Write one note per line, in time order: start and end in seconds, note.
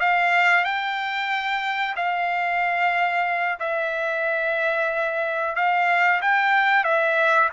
0.00 0.64 F5
0.64 1.95 G5
1.96 3.59 F5
3.60 5.55 E5
5.56 6.21 F5
6.22 6.84 G5
6.84 7.49 E5